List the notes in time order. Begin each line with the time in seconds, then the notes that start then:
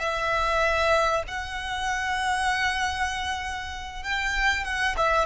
0.00 E5
1.28 F#5
4.04 G5
4.65 F#5
4.97 E5